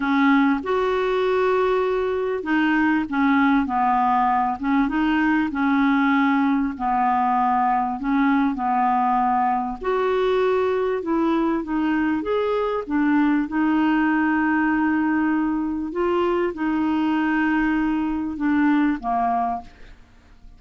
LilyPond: \new Staff \with { instrumentName = "clarinet" } { \time 4/4 \tempo 4 = 98 cis'4 fis'2. | dis'4 cis'4 b4. cis'8 | dis'4 cis'2 b4~ | b4 cis'4 b2 |
fis'2 e'4 dis'4 | gis'4 d'4 dis'2~ | dis'2 f'4 dis'4~ | dis'2 d'4 ais4 | }